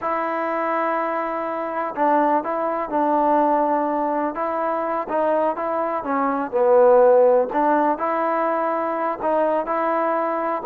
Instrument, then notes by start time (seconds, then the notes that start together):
trombone
0.01 E4
1.95 D4
2.43 E4
2.89 D4
4.35 E4
5.08 D#4
5.56 E4
6.03 C#4
6.51 B3
7.52 D4
7.98 E4
9.22 D#4
9.65 E4